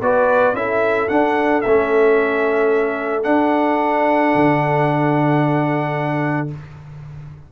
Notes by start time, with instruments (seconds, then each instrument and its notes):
0.00 tuba B3, trombone F#4, horn B4, trumpet D5
0.53 tuba C#4, trombone E4, horn A4, trumpet E5
1.08 trombone D4, tuba D4, trumpet F#5
1.61 tuba A3, trombone C#4, trumpet E5
3.23 trombone D4, tuba D4, trumpet F#5
4.35 tuba D3